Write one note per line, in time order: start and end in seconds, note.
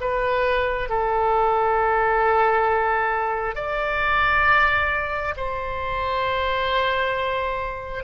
0.00 0.89 B4
0.89 3.55 A4
3.55 5.34 D5
5.36 8.04 C5